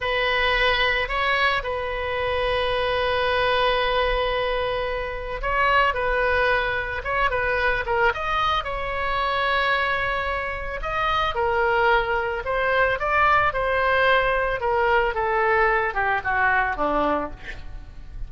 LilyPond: \new Staff \with { instrumentName = "oboe" } { \time 4/4 \tempo 4 = 111 b'2 cis''4 b'4~ | b'1~ | b'2 cis''4 b'4~ | b'4 cis''8 b'4 ais'8 dis''4 |
cis''1 | dis''4 ais'2 c''4 | d''4 c''2 ais'4 | a'4. g'8 fis'4 d'4 | }